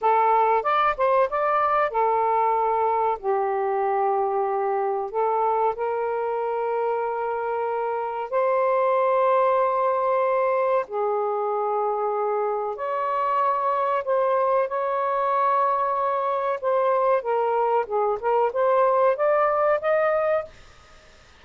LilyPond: \new Staff \with { instrumentName = "saxophone" } { \time 4/4 \tempo 4 = 94 a'4 d''8 c''8 d''4 a'4~ | a'4 g'2. | a'4 ais'2.~ | ais'4 c''2.~ |
c''4 gis'2. | cis''2 c''4 cis''4~ | cis''2 c''4 ais'4 | gis'8 ais'8 c''4 d''4 dis''4 | }